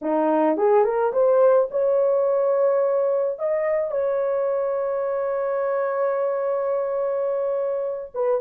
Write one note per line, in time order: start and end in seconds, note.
0.01 0.57 D#4
0.57 0.84 G#4
0.84 1.12 A#4
1.12 1.68 C5
1.70 3.38 C#5
3.38 3.91 D#5
3.91 8.11 C#5
8.14 8.41 B4